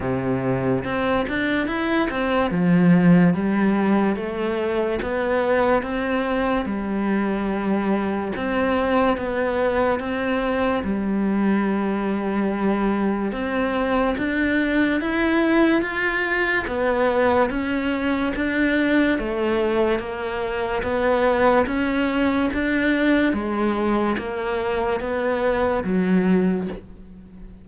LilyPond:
\new Staff \with { instrumentName = "cello" } { \time 4/4 \tempo 4 = 72 c4 c'8 d'8 e'8 c'8 f4 | g4 a4 b4 c'4 | g2 c'4 b4 | c'4 g2. |
c'4 d'4 e'4 f'4 | b4 cis'4 d'4 a4 | ais4 b4 cis'4 d'4 | gis4 ais4 b4 fis4 | }